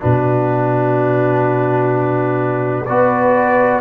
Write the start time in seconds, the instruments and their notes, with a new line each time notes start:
0.00 tuba B2, trombone D4, horn F#4, trumpet B4
2.85 tuba B3, trombone F#4, horn B4, trumpet D5